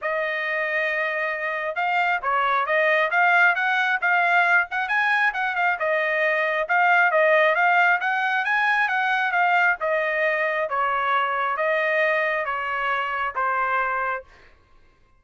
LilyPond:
\new Staff \with { instrumentName = "trumpet" } { \time 4/4 \tempo 4 = 135 dis''1 | f''4 cis''4 dis''4 f''4 | fis''4 f''4. fis''8 gis''4 | fis''8 f''8 dis''2 f''4 |
dis''4 f''4 fis''4 gis''4 | fis''4 f''4 dis''2 | cis''2 dis''2 | cis''2 c''2 | }